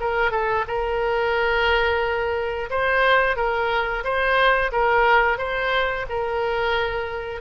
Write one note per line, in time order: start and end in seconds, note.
0.00 0.31 A#4
0.31 0.65 A4
0.67 2.70 A#4
2.70 3.36 C5
3.36 4.04 A#4
4.04 4.71 C5
4.72 5.38 A#4
5.38 6.06 C5
6.09 7.41 A#4